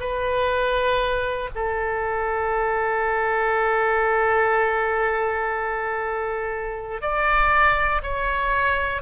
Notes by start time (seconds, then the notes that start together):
0.00 B4
1.55 A4
7.02 D5
8.03 C#5